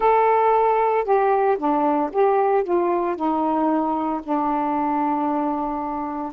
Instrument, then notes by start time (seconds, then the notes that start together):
saxophone
0.00 A4
1.04 G4
1.57 D4
2.12 G4
2.63 F4
3.16 D#4
4.23 D4